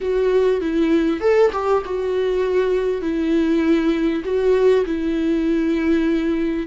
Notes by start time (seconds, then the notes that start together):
0.00 F#4
0.60 E4
1.20 A4
1.52 G4
1.85 F#4
3.01 E4
4.24 F#4
4.85 E4